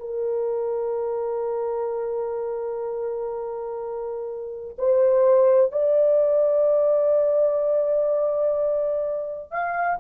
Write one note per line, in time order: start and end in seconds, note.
0.00 4.76 A#4
4.78 5.72 C5
5.72 9.52 D5
9.52 9.99 F5